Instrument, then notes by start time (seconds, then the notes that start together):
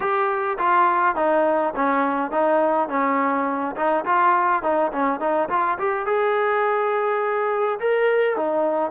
trombone
0.00 G4
0.58 F4
1.15 D#4
1.75 C#4
2.31 D#4
2.88 C#4
3.76 D#4
4.05 F4
4.63 D#4
4.92 C#4
5.19 D#4
5.49 F4
5.78 G4
6.06 G#4
7.79 A#4
8.36 D#4